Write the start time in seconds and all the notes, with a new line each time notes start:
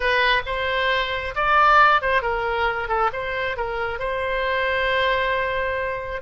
0.00 B4
0.45 C5
1.35 D5
2.01 C5
2.22 A#4
2.88 A4
3.13 C5
3.56 A#4
3.99 C5